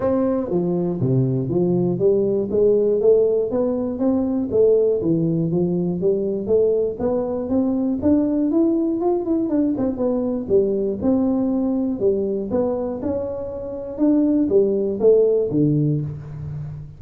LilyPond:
\new Staff \with { instrumentName = "tuba" } { \time 4/4 \tempo 4 = 120 c'4 f4 c4 f4 | g4 gis4 a4 b4 | c'4 a4 e4 f4 | g4 a4 b4 c'4 |
d'4 e'4 f'8 e'8 d'8 c'8 | b4 g4 c'2 | g4 b4 cis'2 | d'4 g4 a4 d4 | }